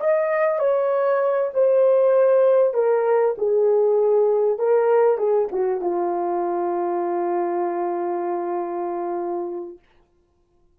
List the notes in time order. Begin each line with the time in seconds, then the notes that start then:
0.00 D#5
0.59 C#5
1.54 C5
2.74 A#4
3.38 G#4
4.58 A#4
5.18 G#4
5.52 F#4
5.81 F4